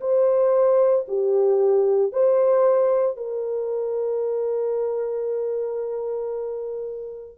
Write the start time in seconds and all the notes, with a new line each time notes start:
0.00 C5
1.08 G4
2.12 C5
3.16 A#4